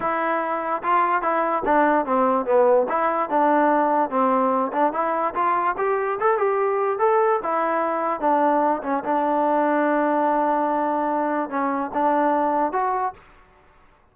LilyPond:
\new Staff \with { instrumentName = "trombone" } { \time 4/4 \tempo 4 = 146 e'2 f'4 e'4 | d'4 c'4 b4 e'4 | d'2 c'4. d'8 | e'4 f'4 g'4 a'8 g'8~ |
g'4 a'4 e'2 | d'4. cis'8 d'2~ | d'1 | cis'4 d'2 fis'4 | }